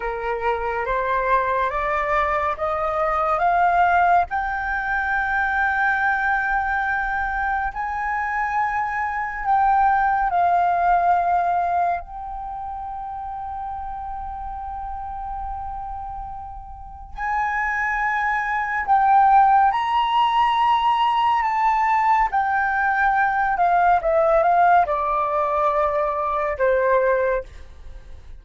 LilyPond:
\new Staff \with { instrumentName = "flute" } { \time 4/4 \tempo 4 = 70 ais'4 c''4 d''4 dis''4 | f''4 g''2.~ | g''4 gis''2 g''4 | f''2 g''2~ |
g''1 | gis''2 g''4 ais''4~ | ais''4 a''4 g''4. f''8 | e''8 f''8 d''2 c''4 | }